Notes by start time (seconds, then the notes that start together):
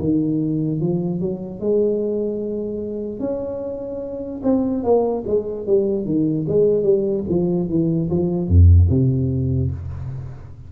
0.00 D#3
0.81 F3
1.21 F#3
1.61 G#3
3.20 C#4
4.44 C4
4.84 A#3
5.27 G#3
5.67 G3
6.06 D#3
6.49 G#3
6.84 G3
7.29 F3
7.69 E3
8.10 F3
8.48 F2
8.90 C3